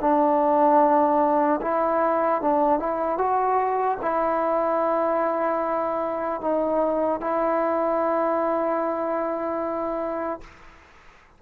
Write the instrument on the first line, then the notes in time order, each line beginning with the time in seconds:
trombone
0.00 D4
1.61 E4
2.41 D4
2.80 E4
3.18 F#4
4.01 E4
6.41 D#4
7.21 E4